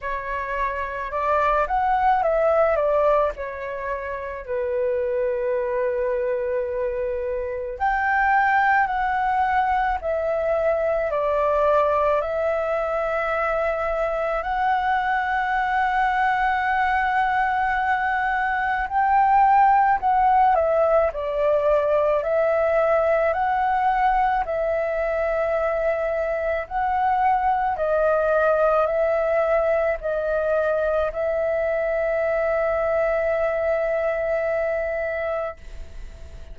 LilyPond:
\new Staff \with { instrumentName = "flute" } { \time 4/4 \tempo 4 = 54 cis''4 d''8 fis''8 e''8 d''8 cis''4 | b'2. g''4 | fis''4 e''4 d''4 e''4~ | e''4 fis''2.~ |
fis''4 g''4 fis''8 e''8 d''4 | e''4 fis''4 e''2 | fis''4 dis''4 e''4 dis''4 | e''1 | }